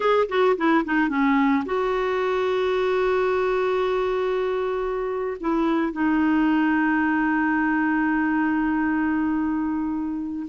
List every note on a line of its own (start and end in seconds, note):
0.00 0.27 G#4
0.28 0.56 F#4
0.57 0.84 E4
0.84 1.08 D#4
1.08 1.63 C#4
1.65 5.37 F#4
5.40 5.92 E4
5.92 10.46 D#4